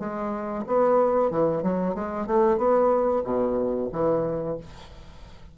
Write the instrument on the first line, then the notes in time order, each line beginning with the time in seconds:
bassoon
0.00 G#3
0.67 B3
1.31 E3
1.63 F#3
1.95 G#3
2.27 A3
2.58 B3
3.25 B2
3.93 E3